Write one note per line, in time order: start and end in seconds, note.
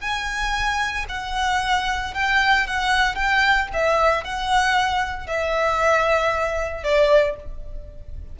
0.00 1.05 G#5
1.09 2.14 F#5
2.14 2.66 G5
2.66 3.15 F#5
3.15 3.67 G5
3.73 4.24 E5
4.24 5.27 F#5
5.27 6.83 E5
6.83 7.36 D5